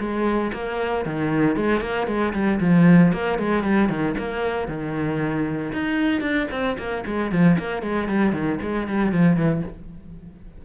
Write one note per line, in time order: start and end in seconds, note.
0.00 0.52 G#3
0.53 1.06 A#3
1.06 1.57 D#3
1.57 1.81 G#3
1.81 2.07 A#3
2.07 2.33 G#3
2.33 2.59 G3
2.61 3.13 F3
3.13 3.39 A#3
3.39 3.64 G#3
3.64 3.89 G3
3.89 4.15 D#3
4.18 4.68 A#3
4.68 5.72 D#3
5.73 6.21 D#4
6.21 6.47 D4
6.51 6.77 C4
6.78 7.05 A#3
7.06 7.32 G#3
7.32 7.58 F3
7.59 7.83 A#3
7.83 8.08 G#3
8.08 8.33 G3
8.33 8.59 D#3
8.62 8.88 G#3
8.88 9.12 G3
9.12 9.37 F3
9.37 9.63 E3